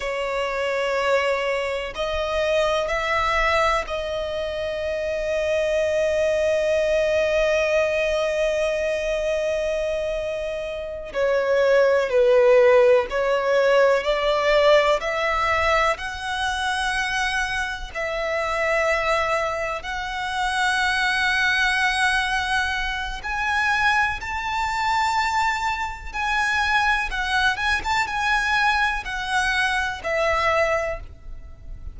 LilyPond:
\new Staff \with { instrumentName = "violin" } { \time 4/4 \tempo 4 = 62 cis''2 dis''4 e''4 | dis''1~ | dis''2.~ dis''8 cis''8~ | cis''8 b'4 cis''4 d''4 e''8~ |
e''8 fis''2 e''4.~ | e''8 fis''2.~ fis''8 | gis''4 a''2 gis''4 | fis''8 gis''16 a''16 gis''4 fis''4 e''4 | }